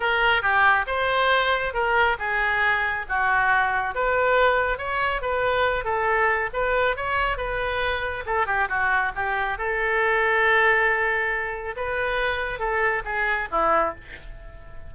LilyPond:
\new Staff \with { instrumentName = "oboe" } { \time 4/4 \tempo 4 = 138 ais'4 g'4 c''2 | ais'4 gis'2 fis'4~ | fis'4 b'2 cis''4 | b'4. a'4. b'4 |
cis''4 b'2 a'8 g'8 | fis'4 g'4 a'2~ | a'2. b'4~ | b'4 a'4 gis'4 e'4 | }